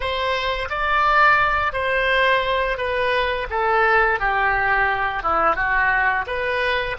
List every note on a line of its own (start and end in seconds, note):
0.00 0.68 C5
0.69 1.73 D5
1.73 2.77 C5
2.77 3.47 B4
3.49 4.19 A4
4.19 5.22 G4
5.22 5.55 E4
5.55 6.25 F#4
6.26 6.96 B4